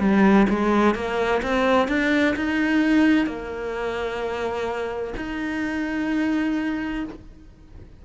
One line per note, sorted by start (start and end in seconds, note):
0.00 0.47 G3
0.49 0.95 G#3
0.95 1.42 A#3
1.43 1.89 C4
1.89 2.36 D4
2.37 3.27 D#4
3.27 5.14 A#3
5.17 7.05 D#4